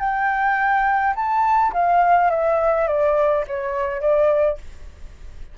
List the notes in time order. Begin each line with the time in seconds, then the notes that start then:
0.00 G5
1.15 A5
1.73 F5
2.31 E5
2.88 D5
3.48 C#5
4.01 D5